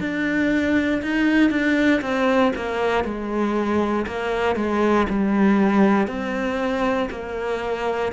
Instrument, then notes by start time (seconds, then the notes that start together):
cello
0.00 D4
1.03 D#4
1.50 D4
2.02 C4
2.56 A#3
3.04 G#3
4.07 A#3
4.56 G#3
5.09 G3
6.07 C4
7.10 A#3